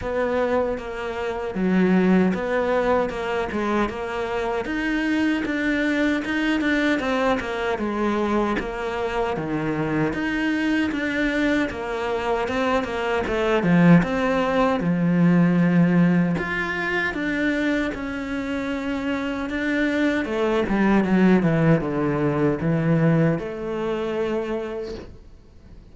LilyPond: \new Staff \with { instrumentName = "cello" } { \time 4/4 \tempo 4 = 77 b4 ais4 fis4 b4 | ais8 gis8 ais4 dis'4 d'4 | dis'8 d'8 c'8 ais8 gis4 ais4 | dis4 dis'4 d'4 ais4 |
c'8 ais8 a8 f8 c'4 f4~ | f4 f'4 d'4 cis'4~ | cis'4 d'4 a8 g8 fis8 e8 | d4 e4 a2 | }